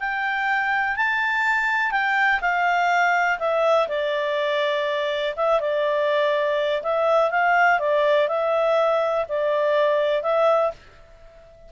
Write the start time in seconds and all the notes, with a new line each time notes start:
0.00 G5
0.96 A5
1.92 G5
2.41 F5
3.39 E5
3.88 D5
5.37 E5
5.61 D5
6.82 E5
7.31 F5
7.80 D5
8.29 E5
9.29 D5
10.23 E5